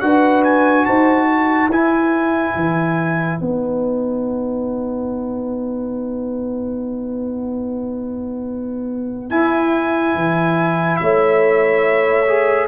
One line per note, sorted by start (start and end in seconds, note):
0.00 0.86 D4
0.00 1.70 F#4
0.00 0.86 B4
0.00 0.42 F#5
0.43 0.85 G#5
0.85 1.68 D#4
0.85 1.26 C5
0.85 1.69 A5
1.26 10.98 B4
1.68 2.52 E4
1.68 3.40 E4
1.68 3.39 G#5
2.55 3.40 E3
3.39 9.30 B3
3.39 9.30 D#4
3.39 9.30 F#5
9.30 10.15 E4
9.30 12.26 E4
9.30 10.96 G#5
10.15 10.99 E3
10.96 12.68 A3
10.96 12.68 C#5
10.96 12.65 E5
12.27 12.68 G#4